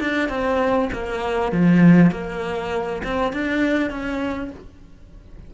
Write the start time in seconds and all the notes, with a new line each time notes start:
0.00 D4
0.29 C4
0.93 A#3
1.52 F3
2.12 A#3
3.04 C4
3.33 D4
3.90 C#4